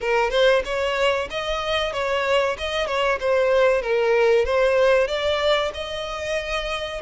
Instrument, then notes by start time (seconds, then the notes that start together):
violin
0.00 A#4
0.30 C5
0.64 C#5
1.30 D#5
1.93 C#5
2.58 D#5
2.86 C#5
3.20 C5
3.82 A#4
4.45 C5
5.07 D5
5.74 D#5